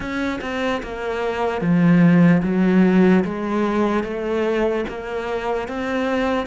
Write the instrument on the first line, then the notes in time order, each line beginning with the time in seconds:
cello
0.00 C#4
0.41 C4
0.82 A#3
1.61 F3
2.43 F#3
3.24 G#3
4.03 A3
4.88 A#3
5.68 C4